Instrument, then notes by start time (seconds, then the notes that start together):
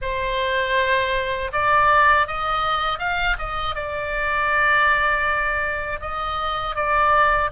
oboe
0.01 C5
1.52 D5
2.27 D#5
2.98 F5
3.38 D#5
3.75 D5
6.00 D#5
6.75 D5